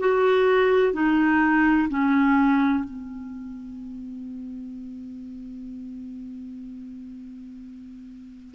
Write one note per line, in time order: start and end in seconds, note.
0.00 0.94 F#4
0.94 1.89 D#4
1.90 2.84 C#4
2.84 8.55 C4